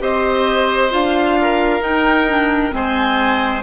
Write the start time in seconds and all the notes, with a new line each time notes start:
0.00 C4 G4 C5 D#5
0.91 D4 F4 F5
1.42 A#4
1.81 D#4 G5
2.29 D4
2.71 G#3 C4 C5 G#5